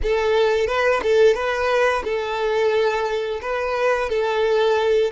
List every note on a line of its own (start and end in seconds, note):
0.02 0.67 A4
0.67 1.01 B4
1.02 1.35 A4
1.35 2.03 B4
2.04 3.40 A4
3.41 4.09 B4
4.09 5.11 A4